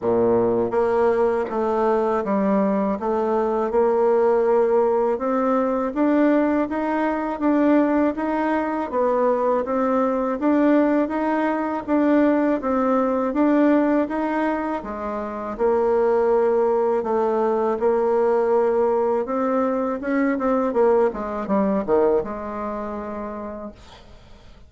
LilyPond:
\new Staff \with { instrumentName = "bassoon" } { \time 4/4 \tempo 4 = 81 ais,4 ais4 a4 g4 | a4 ais2 c'4 | d'4 dis'4 d'4 dis'4 | b4 c'4 d'4 dis'4 |
d'4 c'4 d'4 dis'4 | gis4 ais2 a4 | ais2 c'4 cis'8 c'8 | ais8 gis8 g8 dis8 gis2 | }